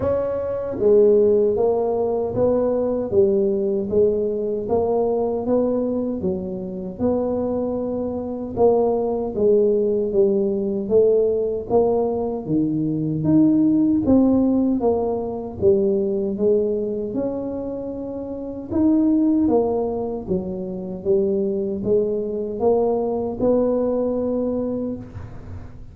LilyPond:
\new Staff \with { instrumentName = "tuba" } { \time 4/4 \tempo 4 = 77 cis'4 gis4 ais4 b4 | g4 gis4 ais4 b4 | fis4 b2 ais4 | gis4 g4 a4 ais4 |
dis4 dis'4 c'4 ais4 | g4 gis4 cis'2 | dis'4 ais4 fis4 g4 | gis4 ais4 b2 | }